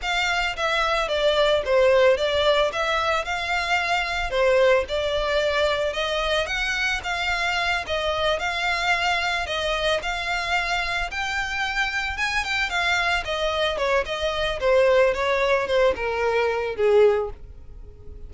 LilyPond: \new Staff \with { instrumentName = "violin" } { \time 4/4 \tempo 4 = 111 f''4 e''4 d''4 c''4 | d''4 e''4 f''2 | c''4 d''2 dis''4 | fis''4 f''4. dis''4 f''8~ |
f''4. dis''4 f''4.~ | f''8 g''2 gis''8 g''8 f''8~ | f''8 dis''4 cis''8 dis''4 c''4 | cis''4 c''8 ais'4. gis'4 | }